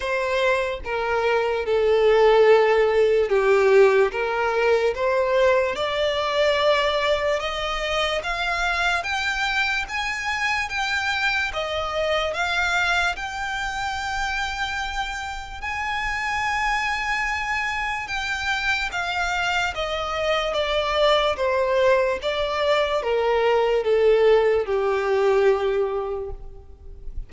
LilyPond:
\new Staff \with { instrumentName = "violin" } { \time 4/4 \tempo 4 = 73 c''4 ais'4 a'2 | g'4 ais'4 c''4 d''4~ | d''4 dis''4 f''4 g''4 | gis''4 g''4 dis''4 f''4 |
g''2. gis''4~ | gis''2 g''4 f''4 | dis''4 d''4 c''4 d''4 | ais'4 a'4 g'2 | }